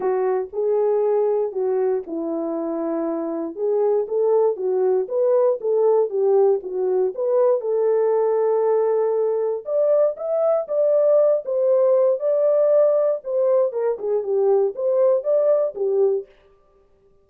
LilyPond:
\new Staff \with { instrumentName = "horn" } { \time 4/4 \tempo 4 = 118 fis'4 gis'2 fis'4 | e'2. gis'4 | a'4 fis'4 b'4 a'4 | g'4 fis'4 b'4 a'4~ |
a'2. d''4 | e''4 d''4. c''4. | d''2 c''4 ais'8 gis'8 | g'4 c''4 d''4 g'4 | }